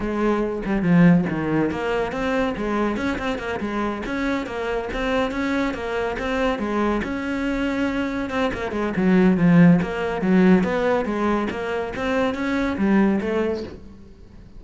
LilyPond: \new Staff \with { instrumentName = "cello" } { \time 4/4 \tempo 4 = 141 gis4. g8 f4 dis4 | ais4 c'4 gis4 cis'8 c'8 | ais8 gis4 cis'4 ais4 c'8~ | c'8 cis'4 ais4 c'4 gis8~ |
gis8 cis'2. c'8 | ais8 gis8 fis4 f4 ais4 | fis4 b4 gis4 ais4 | c'4 cis'4 g4 a4 | }